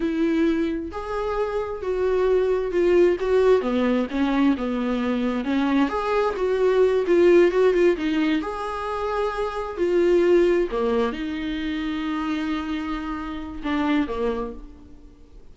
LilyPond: \new Staff \with { instrumentName = "viola" } { \time 4/4 \tempo 4 = 132 e'2 gis'2 | fis'2 f'4 fis'4 | b4 cis'4 b2 | cis'4 gis'4 fis'4. f'8~ |
f'8 fis'8 f'8 dis'4 gis'4.~ | gis'4. f'2 ais8~ | ais8 dis'2.~ dis'8~ | dis'2 d'4 ais4 | }